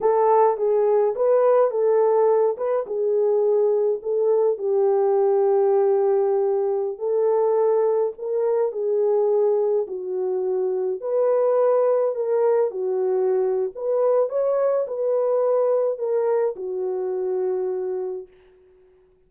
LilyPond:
\new Staff \with { instrumentName = "horn" } { \time 4/4 \tempo 4 = 105 a'4 gis'4 b'4 a'4~ | a'8 b'8 gis'2 a'4 | g'1~ | g'16 a'2 ais'4 gis'8.~ |
gis'4~ gis'16 fis'2 b'8.~ | b'4~ b'16 ais'4 fis'4.~ fis'16 | b'4 cis''4 b'2 | ais'4 fis'2. | }